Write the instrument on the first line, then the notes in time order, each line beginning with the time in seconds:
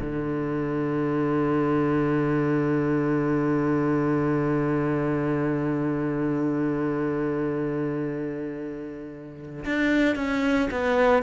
cello
0.00 D3
9.65 D4
10.15 C#4
10.70 B3